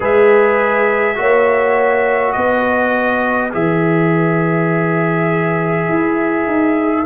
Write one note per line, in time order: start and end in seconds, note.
0.00 1.17 G#3
0.00 1.15 G#4
0.00 1.15 B4
0.00 2.32 E5
1.15 2.35 A#3
1.15 3.50 F#4
1.15 2.36 C#5
2.32 3.54 B3
2.32 7.06 B4
2.32 3.50 D#5
3.52 5.88 E3
3.52 7.05 G#4
3.52 7.06 E5
5.88 6.46 E4
6.46 7.05 D#4